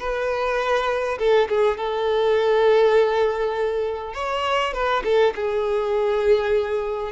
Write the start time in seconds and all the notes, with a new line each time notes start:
0.00 B4
1.19 A4
1.50 G#4
1.78 A4
4.14 C#5
4.74 B4
5.05 A4
5.36 G#4